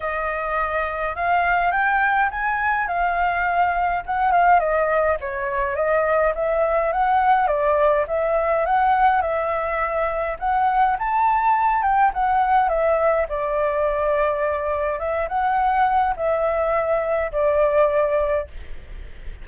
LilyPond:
\new Staff \with { instrumentName = "flute" } { \time 4/4 \tempo 4 = 104 dis''2 f''4 g''4 | gis''4 f''2 fis''8 f''8 | dis''4 cis''4 dis''4 e''4 | fis''4 d''4 e''4 fis''4 |
e''2 fis''4 a''4~ | a''8 g''8 fis''4 e''4 d''4~ | d''2 e''8 fis''4. | e''2 d''2 | }